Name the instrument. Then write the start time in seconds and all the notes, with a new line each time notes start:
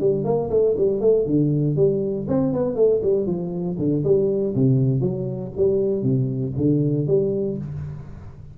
tuba
0.00 G3
0.25 A#3
0.50 A3
0.77 G3
1.01 A3
1.26 D3
1.76 G3
2.28 C4
2.53 B3
2.75 A3
3.03 G3
3.27 F3
3.78 D3
4.04 G3
4.55 C3
5.01 F#3
5.57 G3
6.03 C3
6.57 D3
7.07 G3